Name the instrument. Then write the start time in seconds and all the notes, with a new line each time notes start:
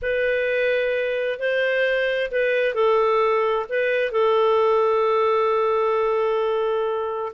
clarinet
0.01 B4
1.39 C5
2.31 B4
2.74 A4
3.69 B4
4.11 A4